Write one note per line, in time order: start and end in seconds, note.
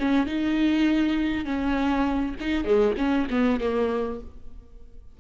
0.00 0.27 C#4
0.27 1.46 D#4
1.46 2.36 C#4
2.41 2.65 D#4
2.65 2.95 G#3
2.98 3.28 C#4
3.31 3.61 B3
3.61 4.21 A#3